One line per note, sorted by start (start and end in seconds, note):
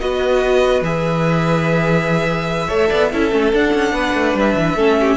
0.00 0.81 B3
0.00 0.83 F#4
0.00 2.68 B4
0.00 0.83 D#5
0.81 2.68 E3
0.81 2.69 G#4
0.81 3.53 E5
2.68 2.90 A3
2.68 3.11 A4
2.68 2.88 C#5
2.89 3.13 B3
2.89 3.09 D5
3.12 3.32 C#4
3.12 3.31 E4
3.12 3.94 A4
3.31 3.53 A3
3.31 3.51 C#4
3.53 3.73 D4
3.53 4.78 D4
3.53 4.37 F#5
3.74 3.92 C#4
3.92 4.13 B3
3.92 4.76 B4
4.13 4.34 A3
4.34 4.55 G3
4.34 5.17 E5
4.56 4.75 E3
4.75 5.16 A3
4.75 5.17 C#4
4.75 4.97 A4
5.00 5.17 G4